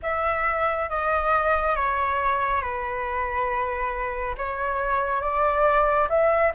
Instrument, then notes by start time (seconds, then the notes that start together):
flute
0.02 E5
0.89 D#5
1.75 C#5
2.61 B4
4.37 C#5
5.21 D5
6.09 E5